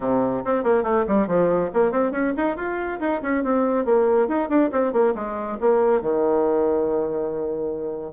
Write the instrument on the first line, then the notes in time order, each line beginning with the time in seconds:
bassoon
0.00 C3
0.44 C4
0.63 A#3
0.83 A3
1.07 G3
1.27 F3
1.73 A#3
1.91 C4
2.11 C#4
2.36 D#4
2.56 F4
3.00 D#4
3.22 C#4
3.43 C4
3.85 A#3
4.27 D#4
4.49 D4
4.72 C4
4.92 A#3
5.14 G#3
5.60 A#3
6.01 D#3